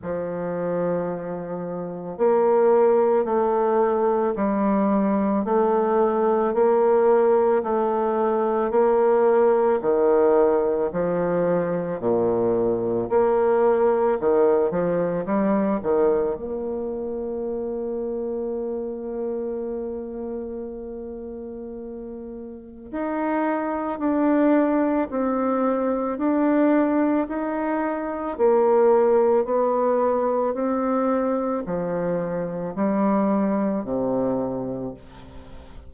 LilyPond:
\new Staff \with { instrumentName = "bassoon" } { \time 4/4 \tempo 4 = 55 f2 ais4 a4 | g4 a4 ais4 a4 | ais4 dis4 f4 ais,4 | ais4 dis8 f8 g8 dis8 ais4~ |
ais1~ | ais4 dis'4 d'4 c'4 | d'4 dis'4 ais4 b4 | c'4 f4 g4 c4 | }